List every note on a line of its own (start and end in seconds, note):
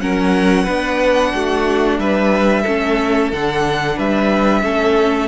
0.00 0.67 F#3
0.00 0.66 C#4
0.00 0.63 A#4
0.00 1.98 F#5
0.63 1.33 B3
0.63 2.65 D4
0.63 1.29 B4
1.34 1.98 A3
1.34 2.00 F#4
1.98 2.64 G3
1.98 2.62 B4
1.98 3.31 E5
2.62 3.32 A3
2.62 3.32 C#4
2.62 3.94 A4
3.32 3.97 D3
3.32 4.62 D4
3.32 3.98 F#5
3.96 4.63 G3
3.96 4.62 B4
3.96 5.27 E5
4.62 5.27 A3
4.62 5.27 C#4
4.62 5.27 A4